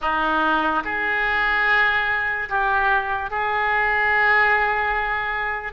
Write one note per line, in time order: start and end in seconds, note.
0.01 0.83 D#4
0.84 2.48 G#4
2.49 3.30 G4
3.30 5.72 G#4